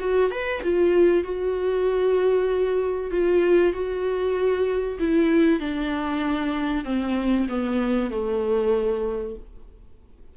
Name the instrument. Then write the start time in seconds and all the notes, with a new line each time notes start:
viola
0.00 F#4
0.31 B4
0.63 F4
1.24 F#4
3.11 F4
3.73 F#4
4.99 E4
5.60 D4
6.85 C4
7.49 B3
8.11 A3